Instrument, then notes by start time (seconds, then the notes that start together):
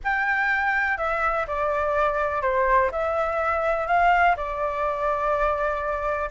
flute
0.04 G5
0.97 E5
1.47 D5
2.42 C5
2.91 E5
3.87 F5
4.36 D5